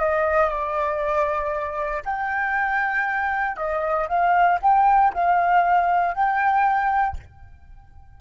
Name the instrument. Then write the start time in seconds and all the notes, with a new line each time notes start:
flute
0.00 D#5
0.49 D5
2.05 G5
3.57 D#5
4.09 F5
4.62 G5
5.14 F5
6.14 G5